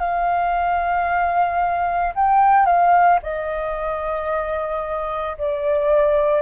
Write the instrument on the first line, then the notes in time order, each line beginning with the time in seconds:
flute
0.00 F5
2.15 G5
2.66 F5
3.23 D#5
5.38 D5